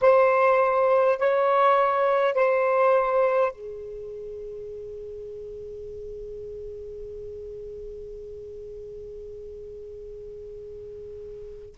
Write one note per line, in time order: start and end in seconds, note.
0.01 1.18 C5
1.18 2.34 C#5
2.34 3.51 C5
3.52 11.75 G#4